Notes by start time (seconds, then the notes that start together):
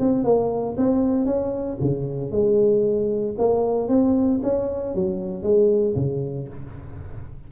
0.00 C4
0.24 A#3
0.78 C4
1.26 C#4
1.81 C#3
2.32 G#3
3.39 A#3
3.89 C4
4.43 C#4
4.95 F#3
5.43 G#3
5.96 C#3